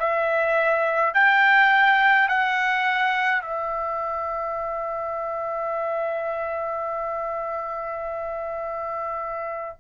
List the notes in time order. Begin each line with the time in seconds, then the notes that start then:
0.00 E5
1.14 G5
2.29 F#5
3.42 E5